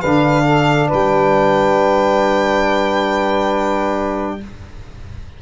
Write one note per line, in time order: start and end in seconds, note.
0.00 0.91 D3
0.00 4.41 D4
0.00 0.43 B4
0.00 0.88 F5
0.45 0.87 A4
0.87 4.41 G3
0.87 4.35 B4
0.94 4.42 G5